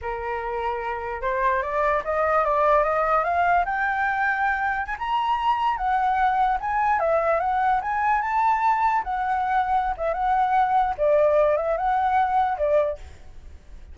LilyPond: \new Staff \with { instrumentName = "flute" } { \time 4/4 \tempo 4 = 148 ais'2. c''4 | d''4 dis''4 d''4 dis''4 | f''4 g''2. | gis''16 ais''2 fis''4.~ fis''16~ |
fis''16 gis''4 e''4 fis''4 gis''8.~ | gis''16 a''2 fis''4.~ fis''16~ | fis''8 e''8 fis''2 d''4~ | d''8 e''8 fis''2 d''4 | }